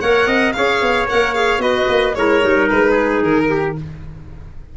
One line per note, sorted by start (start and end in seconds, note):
0.00 0.26 A#3
0.00 0.54 A#4
0.00 0.27 C#5
0.00 0.52 F#5
0.26 0.53 C4
0.26 0.53 D#5
0.52 0.81 C#4
0.52 1.08 G#4
0.52 1.61 C#5
0.52 1.06 F5
0.81 1.08 B3
1.08 1.58 A#3
1.08 1.35 A#4
1.08 1.34 F#5
1.34 1.59 G#4
1.34 1.61 F5
1.58 1.85 B3
1.58 2.13 F#4
1.58 2.15 B4
1.58 2.15 D#5
1.89 2.15 A#3
2.15 2.42 G#3
2.15 2.41 E4
2.15 2.91 A#4
2.15 2.68 C#5
2.41 2.70 G3
2.41 3.75 D#4
2.69 3.22 G#3
2.69 3.23 B4
2.91 3.44 G#4
3.22 3.76 D#3
3.22 3.77 A#4
3.50 3.76 G4